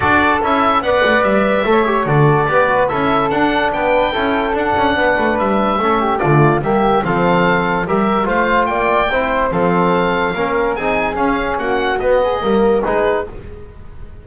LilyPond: <<
  \new Staff \with { instrumentName = "oboe" } { \time 4/4 \tempo 4 = 145 d''4 e''4 fis''4 e''4~ | e''4 d''2 e''4 | fis''4 g''2 fis''4~ | fis''4 e''2 d''4 |
e''4 f''2 e''4 | f''4 g''2 f''4~ | f''2 gis''4 f''4 | fis''4 dis''2 b'4 | }
  \new Staff \with { instrumentName = "flute" } { \time 4/4 a'2 d''2 | cis''4 a'4 b'4 a'4~ | a'4 b'4 a'2 | b'2 a'8 g'8 f'4 |
g'4 a'2 ais'4 | c''4 d''4 c''4 a'4~ | a'4 ais'4 gis'2 | fis'4. gis'8 ais'4 gis'4 | }
  \new Staff \with { instrumentName = "trombone" } { \time 4/4 fis'4 e'4 b'2 | a'8 g'8 fis'4 g'8 fis'8 e'4 | d'2 e'4 d'4~ | d'2 cis'4 a4 |
ais4 c'2 g'4 | f'2 e'4 c'4~ | c'4 cis'4 dis'4 cis'4~ | cis'4 b4 ais4 dis'4 | }
  \new Staff \with { instrumentName = "double bass" } { \time 4/4 d'4 cis'4 b8 a8 g4 | a4 d4 b4 cis'4 | d'4 b4 cis'4 d'8 cis'8 | b8 a8 g4 a4 d4 |
g4 f2 g4 | a4 ais4 c'4 f4~ | f4 ais4 c'4 cis'4 | ais4 b4 g4 gis4 | }
>>